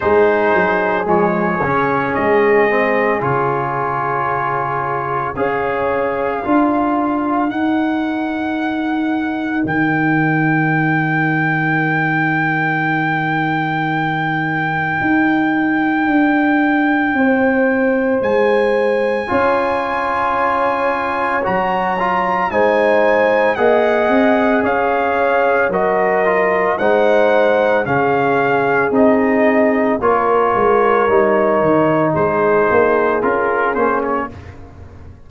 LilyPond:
<<
  \new Staff \with { instrumentName = "trumpet" } { \time 4/4 \tempo 4 = 56 c''4 cis''4 dis''4 cis''4~ | cis''4 f''2 fis''4~ | fis''4 g''2.~ | g''1~ |
g''4 gis''2. | ais''4 gis''4 fis''4 f''4 | dis''4 fis''4 f''4 dis''4 | cis''2 c''4 ais'8 c''16 cis''16 | }
  \new Staff \with { instrumentName = "horn" } { \time 4/4 gis'1~ | gis'4 cis''4 ais'2~ | ais'1~ | ais'1 |
c''2 cis''2~ | cis''4 c''4 dis''4 cis''4 | ais'4 c''4 gis'2 | ais'2 gis'2 | }
  \new Staff \with { instrumentName = "trombone" } { \time 4/4 dis'4 gis8 cis'4 c'8 f'4~ | f'4 gis'4 f'4 dis'4~ | dis'1~ | dis'1~ |
dis'2 f'2 | fis'8 f'8 dis'4 gis'2 | fis'8 f'8 dis'4 cis'4 dis'4 | f'4 dis'2 f'8 cis'8 | }
  \new Staff \with { instrumentName = "tuba" } { \time 4/4 gis8 fis8 f8 cis8 gis4 cis4~ | cis4 cis'4 d'4 dis'4~ | dis'4 dis2.~ | dis2 dis'4 d'4 |
c'4 gis4 cis'2 | fis4 gis4 ais8 c'8 cis'4 | fis4 gis4 cis4 c'4 | ais8 gis8 g8 dis8 gis8 ais8 cis'8 ais8 | }
>>